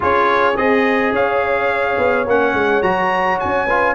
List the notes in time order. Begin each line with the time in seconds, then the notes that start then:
0.00 C#4 F4 G#4 C#5
0.56 C4 G#4 D#5
1.12 C#4 C#5 F5
1.98 B3
2.26 A#3 C#4 F#5
2.53 G#3
2.82 F#3 F#4 A#5
3.39 C#4 G#5
3.66 F4 B4